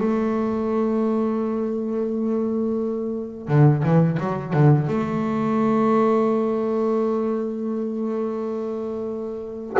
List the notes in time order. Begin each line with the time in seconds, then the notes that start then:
0.00 A3
3.48 D3
3.83 E3
4.19 F#3
4.53 D3
4.88 A3